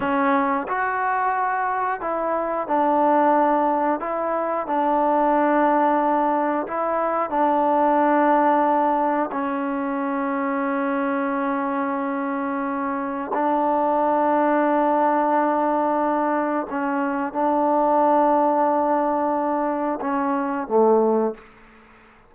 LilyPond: \new Staff \with { instrumentName = "trombone" } { \time 4/4 \tempo 4 = 90 cis'4 fis'2 e'4 | d'2 e'4 d'4~ | d'2 e'4 d'4~ | d'2 cis'2~ |
cis'1 | d'1~ | d'4 cis'4 d'2~ | d'2 cis'4 a4 | }